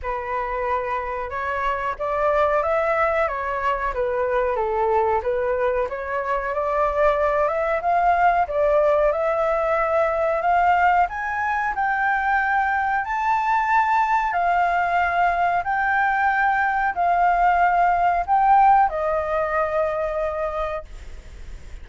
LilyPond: \new Staff \with { instrumentName = "flute" } { \time 4/4 \tempo 4 = 92 b'2 cis''4 d''4 | e''4 cis''4 b'4 a'4 | b'4 cis''4 d''4. e''8 | f''4 d''4 e''2 |
f''4 gis''4 g''2 | a''2 f''2 | g''2 f''2 | g''4 dis''2. | }